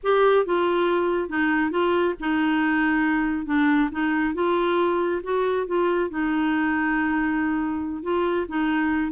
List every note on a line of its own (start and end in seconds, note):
0.03 0.45 G4
0.45 1.29 F4
1.29 1.71 D#4
1.71 2.14 F4
2.20 3.46 D#4
3.46 3.89 D4
3.91 4.34 D#4
4.34 5.21 F4
5.23 5.66 F#4
5.66 6.10 F4
6.10 8.02 D#4
8.02 8.46 F4
8.48 9.11 D#4